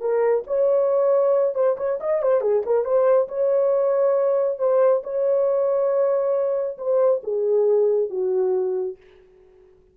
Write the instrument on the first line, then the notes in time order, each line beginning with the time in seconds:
horn
0.00 A#4
0.47 C#5
1.54 C5
1.77 C#5
2.00 D#5
2.22 C5
2.40 G#4
2.66 A#4
2.84 C5
3.28 C#5
4.58 C5
5.03 C#5
6.77 C5
7.23 G#4
8.09 F#4